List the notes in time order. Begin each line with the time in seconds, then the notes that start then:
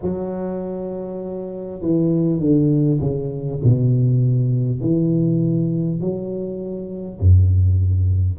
0.02 F#3
1.81 E3
2.39 D3
3.00 C#3
3.63 B2
4.81 E3
6.00 F#3
7.19 F#2